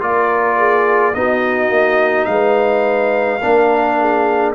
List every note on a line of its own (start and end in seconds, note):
0.00 1.14 A#3
0.00 1.13 F4
0.00 0.58 A#4
0.00 1.14 D5
0.58 1.14 G#4
1.14 1.69 B3
1.14 3.40 D#4
1.14 2.30 F#4
1.14 2.25 D#5
1.69 2.26 A#3
2.25 3.40 G#3
2.25 4.51 F5
2.31 3.42 B4
3.41 4.54 A#3
3.41 4.54 D4
3.41 3.98 A#4
4.00 4.54 G#4